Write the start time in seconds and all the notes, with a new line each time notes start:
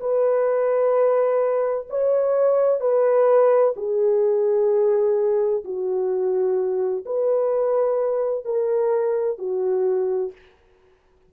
0.00 B4
1.90 C#5
2.80 B4
3.76 G#4
5.64 F#4
7.06 B4
8.45 A#4
9.38 F#4